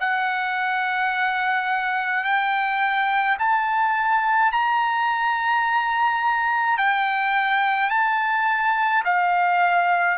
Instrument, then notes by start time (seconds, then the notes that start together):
trumpet
0.00 F#5
2.24 G5
3.39 A5
4.52 A#5
6.78 G5
7.90 A5
9.05 F5